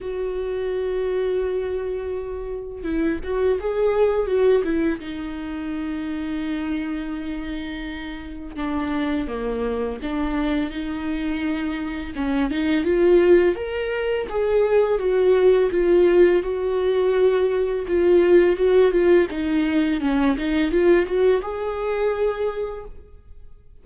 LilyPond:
\new Staff \with { instrumentName = "viola" } { \time 4/4 \tempo 4 = 84 fis'1 | e'8 fis'8 gis'4 fis'8 e'8 dis'4~ | dis'1 | d'4 ais4 d'4 dis'4~ |
dis'4 cis'8 dis'8 f'4 ais'4 | gis'4 fis'4 f'4 fis'4~ | fis'4 f'4 fis'8 f'8 dis'4 | cis'8 dis'8 f'8 fis'8 gis'2 | }